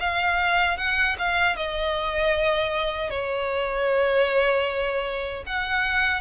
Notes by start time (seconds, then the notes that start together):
0.00 F5
0.78 F#5
1.19 F5
1.57 D#5
3.11 C#5
5.47 F#5